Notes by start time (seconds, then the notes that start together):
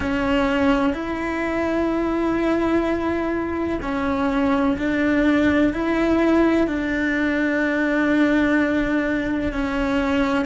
0.00 C#4
0.93 E4
3.82 C#4
4.77 D4
5.73 E4
6.67 D4
9.52 C#4